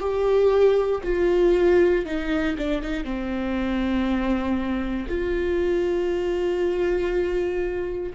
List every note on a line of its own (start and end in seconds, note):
0.00 1.02 G4
1.04 2.05 F4
2.06 2.57 D#4
2.58 2.82 D4
2.82 3.04 D#4
3.04 5.08 C4
5.08 8.14 F4